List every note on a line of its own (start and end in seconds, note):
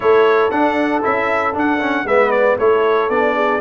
0.00 0.50 A3
0.00 0.50 E4
0.00 2.05 A4
0.00 0.50 C#5
0.50 1.02 D4
0.50 1.02 F#5
1.02 1.55 C#4
1.02 1.53 E4
1.02 1.55 E5
1.53 1.79 D4
1.53 2.04 D4
1.53 2.07 F#5
1.79 2.05 C#4
2.04 2.55 G#3
2.04 2.59 B3
2.04 2.57 B4
2.04 2.30 E5
2.30 2.56 D5
2.57 3.09 A3
2.57 3.10 E4
2.57 3.35 A4
2.57 3.09 C#5
3.09 3.60 B3
3.09 3.61 D4
3.09 3.61 D5
3.35 3.61 G#4